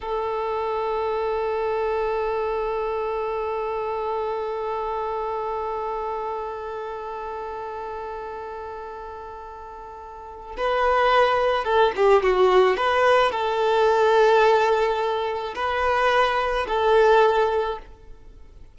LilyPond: \new Staff \with { instrumentName = "violin" } { \time 4/4 \tempo 4 = 108 a'1~ | a'1~ | a'1~ | a'1~ |
a'2. b'4~ | b'4 a'8 g'8 fis'4 b'4 | a'1 | b'2 a'2 | }